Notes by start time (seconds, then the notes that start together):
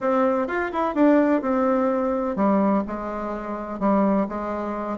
0.00 C4
0.47 F4
0.72 E4
0.94 D4
1.41 C4
2.36 G3
2.87 G#3
3.79 G3
4.29 G#3